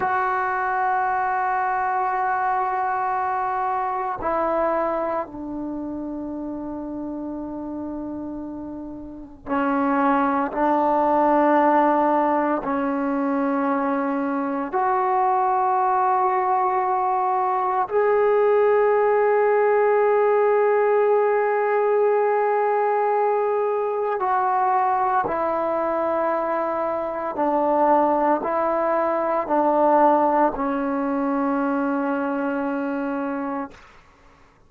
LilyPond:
\new Staff \with { instrumentName = "trombone" } { \time 4/4 \tempo 4 = 57 fis'1 | e'4 d'2.~ | d'4 cis'4 d'2 | cis'2 fis'2~ |
fis'4 gis'2.~ | gis'2. fis'4 | e'2 d'4 e'4 | d'4 cis'2. | }